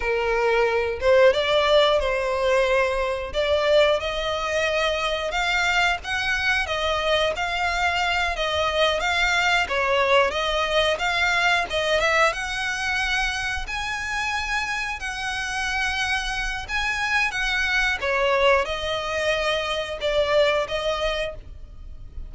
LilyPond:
\new Staff \with { instrumentName = "violin" } { \time 4/4 \tempo 4 = 90 ais'4. c''8 d''4 c''4~ | c''4 d''4 dis''2 | f''4 fis''4 dis''4 f''4~ | f''8 dis''4 f''4 cis''4 dis''8~ |
dis''8 f''4 dis''8 e''8 fis''4.~ | fis''8 gis''2 fis''4.~ | fis''4 gis''4 fis''4 cis''4 | dis''2 d''4 dis''4 | }